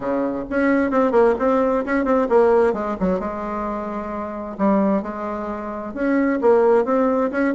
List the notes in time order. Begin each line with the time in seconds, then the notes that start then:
0.00 C#3
0.49 C#4
0.90 C4
1.11 A#3
1.38 C4
1.85 C#4
2.04 C4
2.29 A#3
2.73 G#3
2.99 F#3
3.19 G#3
4.58 G3
5.02 G#3
5.94 C#4
6.41 A#3
6.85 C4
7.31 C#4